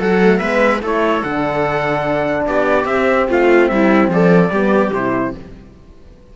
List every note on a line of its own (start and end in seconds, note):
0.00 0.41 F#3
0.00 0.21 F#4
0.00 0.39 A4
0.00 0.39 F#5
0.23 0.40 A3
0.39 0.82 G#3
0.39 0.82 B3
0.39 0.80 B4
0.39 0.80 E5
0.82 1.23 A3
0.82 1.23 E4
0.82 2.47 A4
0.82 1.23 C#5
1.23 2.47 D3
1.23 2.89 D4
1.23 2.47 F#5
2.47 2.86 B3
2.47 3.29 G4
2.47 2.86 D5
2.86 3.27 C4
2.86 4.53 C4
2.86 3.27 E5
3.29 3.71 A3
3.29 3.70 F4
3.29 3.68 F5
3.68 4.09 G3
3.68 4.12 E4
3.68 4.10 E5
4.09 4.50 F3
4.09 4.52 A4
4.09 4.94 D5
4.50 4.91 G3
4.50 4.95 B3
4.50 5.34 G4
4.93 5.35 C3
4.93 5.37 E4
4.93 5.35 C5